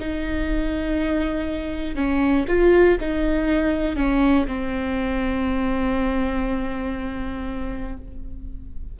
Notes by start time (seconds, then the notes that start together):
0.00 D#4
1.95 C#4
2.48 F4
3.01 D#4
3.97 C#4
4.47 C4